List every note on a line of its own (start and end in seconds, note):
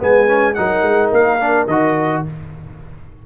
0.00 0.58 G#3
0.00 0.28 B3
0.00 0.56 B4
0.00 0.54 G#5
0.28 0.55 C#4
0.54 0.82 F#3
0.54 1.40 D#4
0.54 2.24 A#4
0.54 1.10 F#5
0.82 1.10 G#3
1.12 1.67 A#3
1.12 1.67 F5
1.40 1.68 D4
1.67 2.22 D#3
1.67 2.26 F#4
1.67 2.23 D#5